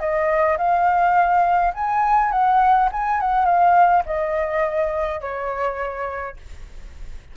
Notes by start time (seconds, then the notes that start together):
0.00 D#5
0.58 F5
1.74 G#5
2.32 F#5
2.92 G#5
3.20 F#5
3.46 F5
4.06 D#5
5.21 C#5